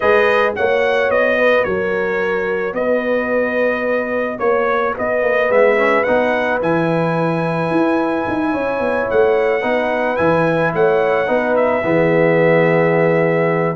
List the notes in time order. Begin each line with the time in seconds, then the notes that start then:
0.00 G#3 G#4 B4 D#5
0.55 A#3 F#4 C#5 F#5
1.09 B3 D#5
1.38 B4
1.64 F#3 A#4 C#5
2.73 B3 B4 D#5
4.38 A#3 C#5
4.94 B3 B4 D#5
5.23 A#3
5.49 G#3 B3 E5
5.76 C#4
6.03 B3 D#4 F#5
6.61 E3 E4 G#5
7.70 E4
8.28 D#4
8.51 C#4 C#5
8.79 B3
9.10 A3 F#5
9.60 B3 D#4 B4
10.16 E3 E4 G#5
10.74 A3 C#5 F#5
11.26 B3 D#4 B4
11.56 E5
11.83 E3 B3 G#4